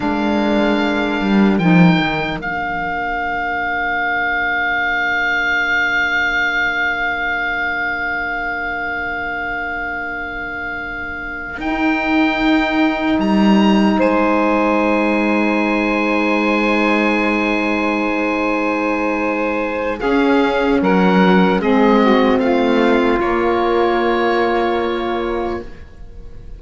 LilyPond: <<
  \new Staff \with { instrumentName = "oboe" } { \time 4/4 \tempo 4 = 75 f''2 g''4 f''4~ | f''1~ | f''1~ | f''2~ f''8 g''4.~ |
g''8 ais''4 gis''2~ gis''8~ | gis''1~ | gis''4 f''4 fis''4 dis''4 | f''4 cis''2. | }
  \new Staff \with { instrumentName = "saxophone" } { \time 4/4 ais'1~ | ais'1~ | ais'1~ | ais'1~ |
ais'4. c''2~ c''8~ | c''1~ | c''4 gis'4 ais'4 gis'8 fis'8 | f'1 | }
  \new Staff \with { instrumentName = "saxophone" } { \time 4/4 d'2 dis'4 d'4~ | d'1~ | d'1~ | d'2~ d'8 dis'4.~ |
dis'1~ | dis'1~ | dis'4 cis'2 c'4~ | c'4 ais2. | }
  \new Staff \with { instrumentName = "cello" } { \time 4/4 gis4. g8 f8 dis8 ais4~ | ais1~ | ais1~ | ais2~ ais8 dis'4.~ |
dis'8 g4 gis2~ gis8~ | gis1~ | gis4 cis'4 fis4 gis4 | a4 ais2. | }
>>